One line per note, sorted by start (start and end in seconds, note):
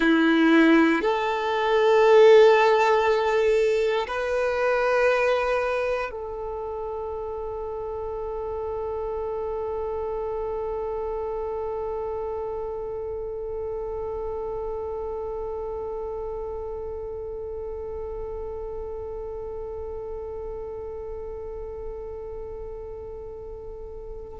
0.00 1.01 E4
1.01 4.06 A4
4.07 6.10 B4
6.11 24.40 A4